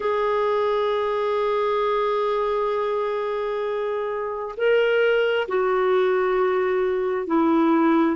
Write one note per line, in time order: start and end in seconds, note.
0.00 4.55 G#4
4.56 5.47 A#4
5.48 7.26 F#4
7.26 8.16 E4